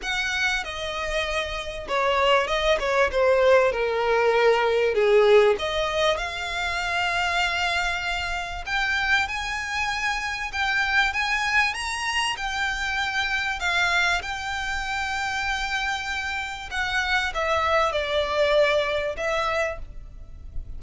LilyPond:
\new Staff \with { instrumentName = "violin" } { \time 4/4 \tempo 4 = 97 fis''4 dis''2 cis''4 | dis''8 cis''8 c''4 ais'2 | gis'4 dis''4 f''2~ | f''2 g''4 gis''4~ |
gis''4 g''4 gis''4 ais''4 | g''2 f''4 g''4~ | g''2. fis''4 | e''4 d''2 e''4 | }